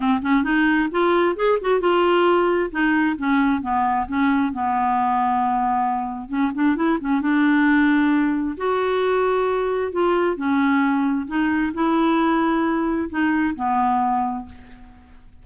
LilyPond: \new Staff \with { instrumentName = "clarinet" } { \time 4/4 \tempo 4 = 133 c'8 cis'8 dis'4 f'4 gis'8 fis'8 | f'2 dis'4 cis'4 | b4 cis'4 b2~ | b2 cis'8 d'8 e'8 cis'8 |
d'2. fis'4~ | fis'2 f'4 cis'4~ | cis'4 dis'4 e'2~ | e'4 dis'4 b2 | }